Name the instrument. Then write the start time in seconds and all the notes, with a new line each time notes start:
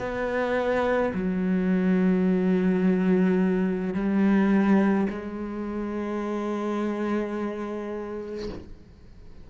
cello
0.00 B3
1.14 F#3
3.95 G3
5.10 G#3